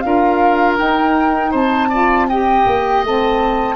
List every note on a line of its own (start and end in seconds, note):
0.00 0.79 D4
0.00 0.77 F4
0.00 1.51 A#4
0.00 0.75 F5
0.77 1.90 D#4
0.77 1.53 D#4
0.77 1.53 G5
1.51 2.66 C4
1.51 1.88 C5
1.51 2.29 A5
1.89 2.29 F4
1.89 2.26 D5
2.29 3.05 G4
2.29 3.75 D#5
2.29 3.04 G5
2.66 3.03 A#3
3.03 3.75 A3
3.03 3.75 C4
3.03 3.75 A5